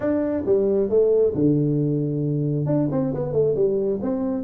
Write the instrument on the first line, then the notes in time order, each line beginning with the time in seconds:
tuba
0.00 D4
0.45 G3
0.89 A3
1.34 D3
2.65 D4
2.91 C4
3.13 B3
3.32 A3
3.55 G3
4.02 C4